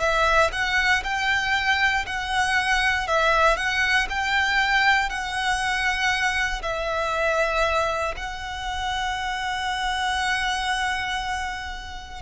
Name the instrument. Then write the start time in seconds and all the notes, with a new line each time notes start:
violin
0.00 E5
0.53 F#5
1.04 G5
2.07 F#5
3.08 E5
3.57 F#5
4.10 G5
5.10 F#5
6.62 E5
8.17 F#5